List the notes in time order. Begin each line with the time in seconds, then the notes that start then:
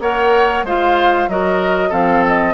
0.00 A#3 A#4 C#5 F#5
0.63 G#3 F4 C5 F5
1.28 F#3 F#4 A#4 D#5
1.89 F3 C4 A4 F5
2.27 D#5